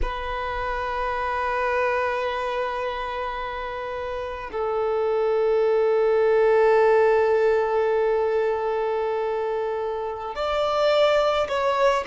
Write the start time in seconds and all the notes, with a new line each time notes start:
0.02 B4
4.51 A4
10.35 D5
11.48 C#5